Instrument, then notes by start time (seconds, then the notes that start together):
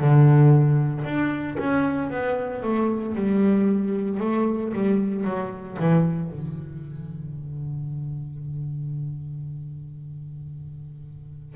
double bass
0.00 D3
1.04 D4
1.59 C#4
2.11 B3
2.63 A3
3.15 G3
4.20 A3
4.73 G3
5.24 F#3
5.79 E3
6.31 D3